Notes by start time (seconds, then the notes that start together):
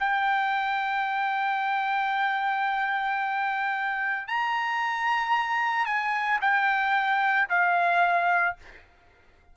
0.00 G5
4.28 A#5
5.86 G#5
6.41 G5
7.50 F5